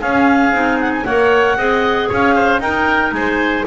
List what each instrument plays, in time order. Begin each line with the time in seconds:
0.00 double bass C#4, clarinet C#4 F5, oboe G#4
0.52 double bass C4, clarinet D#4
0.80 clarinet F#5
0.93 clarinet G#5
1.05 double bass A#3, clarinet A#4 F#5, oboe C#5
1.57 double bass C4, clarinet G#4, oboe D#5
2.09 double bass C#4, oboe C#5, clarinet F5
2.35 oboe C5
2.59 double bass D#4, clarinet D#4 G5, oboe A#4
3.12 double bass G#3, oboe C5, clarinet G#5